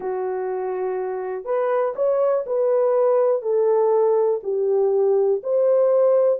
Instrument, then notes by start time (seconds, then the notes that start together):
horn
0.00 F#4
1.44 B4
1.95 C#5
2.46 B4
3.42 A4
4.43 G4
5.43 C5